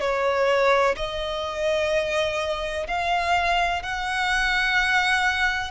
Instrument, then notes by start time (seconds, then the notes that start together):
violin
0.00 C#5
0.96 D#5
2.87 F5
3.82 F#5